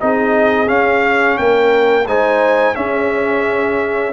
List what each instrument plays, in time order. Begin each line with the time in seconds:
0.00 tuba C4, trombone D#4, horn G#4, trumpet D#5
0.67 trombone C#4, tuba C#4, trumpet F5
1.38 tuba A#3, horn A#4, trumpet G5
2.07 tuba G#3, trombone D#4, horn C5, trumpet G#5
2.75 trombone C#4, tuba C#4, horn G#4, trumpet E5